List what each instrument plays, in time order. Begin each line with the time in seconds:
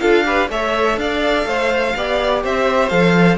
0.00 cello D4, viola F4, violin A4 F5
0.24 viola G4, violin B4
0.49 cello A3, viola A4, violin C#5 E5
0.97 cello D4, violin D5 F5
1.46 cello A3, violin C5
1.96 cello B3, viola G4, violin D5
2.43 cello C4, violin C5 E5
2.89 cello F3, viola A4, violin F5